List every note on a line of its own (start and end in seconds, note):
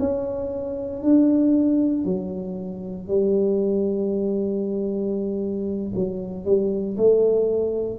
0.00 1.03 C#4
1.03 2.05 D4
2.05 3.08 F#3
3.08 5.93 G3
5.96 6.45 F#3
6.45 6.97 G3
6.97 7.99 A3